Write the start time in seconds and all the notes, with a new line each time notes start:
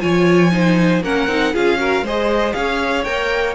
0.00 F3 F4 C#5 G#5
0.51 D#4 C5
1.02 A#3 C#4 A#4 F#5
1.27 C4 D#4
1.53 C#4 F4 G#4 F5
1.78 F#4 A#4
2.02 G#3 G#4 C5 D#5
2.53 C#4 C#5 F5
3.04 A#3 A#4 G5